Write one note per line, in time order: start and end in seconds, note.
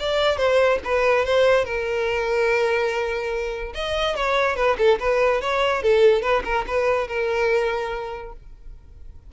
0.00 0.37 D5
0.37 0.79 C5
0.85 1.26 B4
1.26 1.66 C5
1.66 3.74 A#4
3.75 4.16 D#5
4.16 4.56 C#5
4.56 4.77 B4
4.78 4.99 A4
5.00 5.42 B4
5.42 5.83 C#5
5.83 6.23 A4
6.23 6.43 B4
6.45 6.66 A#4
6.68 7.08 B4
7.08 8.33 A#4